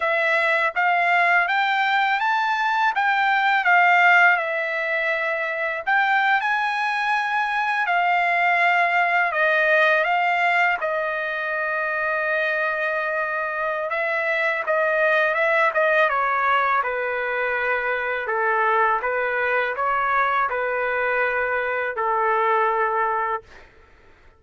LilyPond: \new Staff \with { instrumentName = "trumpet" } { \time 4/4 \tempo 4 = 82 e''4 f''4 g''4 a''4 | g''4 f''4 e''2 | g''8. gis''2 f''4~ f''16~ | f''8. dis''4 f''4 dis''4~ dis''16~ |
dis''2. e''4 | dis''4 e''8 dis''8 cis''4 b'4~ | b'4 a'4 b'4 cis''4 | b'2 a'2 | }